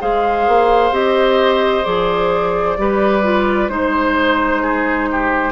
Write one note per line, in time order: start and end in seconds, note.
0.00 0.47 G#3
0.00 0.92 G#4
0.00 2.77 C5
0.00 0.94 F5
0.47 0.91 A#3
0.91 1.83 C4
0.91 1.84 G4
0.91 1.84 D#5
1.84 2.78 F3
1.84 2.76 G#4
1.84 3.68 D5
2.78 3.68 G3
2.78 3.23 G4
2.78 3.71 B4
3.23 3.69 F4
3.68 5.52 G#3
3.68 5.52 D#4
3.68 5.52 C5
3.68 4.62 C5
4.62 5.08 G#4
5.11 5.52 G4